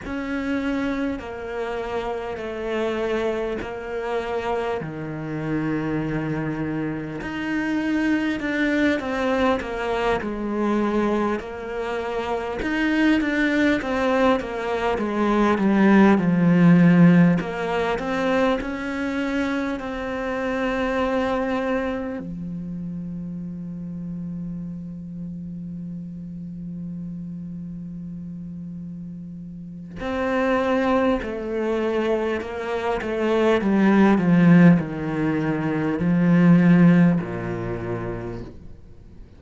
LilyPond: \new Staff \with { instrumentName = "cello" } { \time 4/4 \tempo 4 = 50 cis'4 ais4 a4 ais4 | dis2 dis'4 d'8 c'8 | ais8 gis4 ais4 dis'8 d'8 c'8 | ais8 gis8 g8 f4 ais8 c'8 cis'8~ |
cis'8 c'2 f4.~ | f1~ | f4 c'4 a4 ais8 a8 | g8 f8 dis4 f4 ais,4 | }